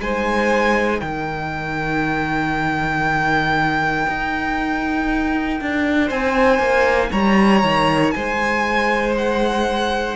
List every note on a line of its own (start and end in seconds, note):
0.00 1.02 G#3
0.00 10.17 D#4
0.00 1.00 C5
0.00 1.01 G#5
1.00 4.07 D#3
1.00 6.07 A#4
1.00 6.09 G5
4.08 5.61 D#4
5.61 6.11 D4
6.07 6.59 C4
6.07 7.09 C5
6.07 7.12 G#5
6.59 7.10 A#3
7.12 7.63 G3
7.12 8.14 C#5
7.12 8.12 A#5
7.63 8.14 D#3
8.12 10.17 G#3
8.12 10.17 C5
8.12 9.13 G#5
9.18 10.17 F#5